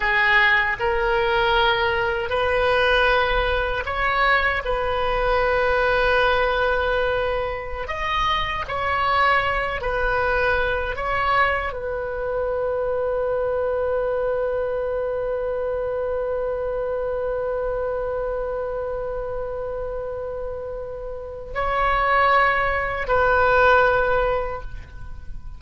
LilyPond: \new Staff \with { instrumentName = "oboe" } { \time 4/4 \tempo 4 = 78 gis'4 ais'2 b'4~ | b'4 cis''4 b'2~ | b'2~ b'16 dis''4 cis''8.~ | cis''8. b'4. cis''4 b'8.~ |
b'1~ | b'1~ | b'1 | cis''2 b'2 | }